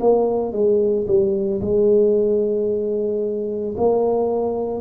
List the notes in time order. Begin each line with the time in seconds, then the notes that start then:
0.00 A#3
0.53 G#3
1.07 G3
1.61 G#3
3.77 A#3